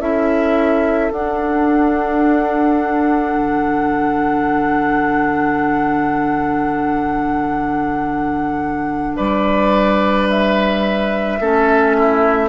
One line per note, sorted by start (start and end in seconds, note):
0.00 1.11 C#4
0.00 1.12 E4
0.00 9.17 A4
0.00 1.12 E5
1.12 3.34 D4
1.12 11.40 D4
1.12 9.17 F#5
3.34 9.17 D3
9.17 11.40 G3
9.17 11.39 B4
9.17 10.28 D5
10.30 12.49 E5
11.40 12.49 A3
11.40 12.49 C#4
11.40 11.97 A4
11.98 12.49 E4